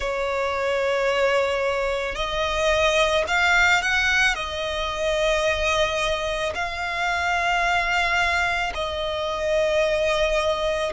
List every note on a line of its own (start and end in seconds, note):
0.00 2.15 C#5
2.15 3.24 D#5
3.27 3.82 F5
3.82 4.34 F#5
4.34 6.53 D#5
6.55 8.73 F5
8.74 10.92 D#5